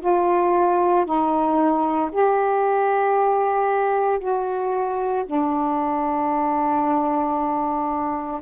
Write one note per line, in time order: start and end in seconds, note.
0.00 1.05 F4
1.05 2.11 D#4
2.12 4.19 G4
4.19 5.24 F#4
5.26 8.42 D4